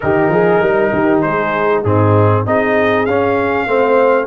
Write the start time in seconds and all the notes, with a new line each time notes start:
0.00 D#3 D#4 G4 A#4
0.29 F3 G#4
0.61 G3 A#4
0.92 D#3 G4
1.21 G#3 G#4 C5
1.82 G#2 C4 D#4 G#4
2.46 C4 D#4 G#4 D#5
3.05 C#4 F5
3.67 A3 C4 C5